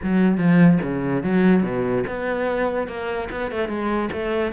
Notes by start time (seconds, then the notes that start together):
0.02 F#3
0.37 F3
0.82 C#3
1.23 F#3
1.62 B2
2.07 B3
2.87 A#3
3.31 B3
3.51 A3
3.68 G#3
4.12 A3